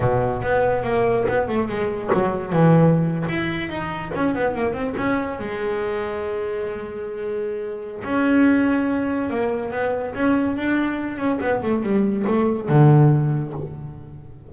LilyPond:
\new Staff \with { instrumentName = "double bass" } { \time 4/4 \tempo 4 = 142 b,4 b4 ais4 b8 a8 | gis4 fis4 e4.~ e16 e'16~ | e'8. dis'4 cis'8 b8 ais8 c'8 cis'16~ | cis'8. gis2.~ gis16~ |
gis2. cis'4~ | cis'2 ais4 b4 | cis'4 d'4. cis'8 b8 a8 | g4 a4 d2 | }